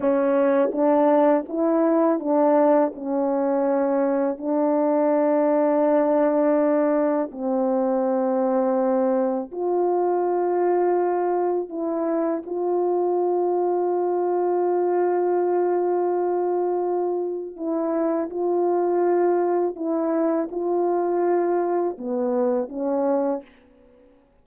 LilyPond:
\new Staff \with { instrumentName = "horn" } { \time 4/4 \tempo 4 = 82 cis'4 d'4 e'4 d'4 | cis'2 d'2~ | d'2 c'2~ | c'4 f'2. |
e'4 f'2.~ | f'1 | e'4 f'2 e'4 | f'2 b4 cis'4 | }